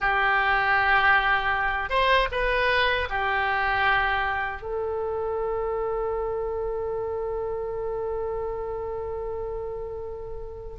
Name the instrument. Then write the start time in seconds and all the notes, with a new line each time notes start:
oboe
0.00 G4
1.89 C5
2.31 B4
3.09 G4
4.62 A4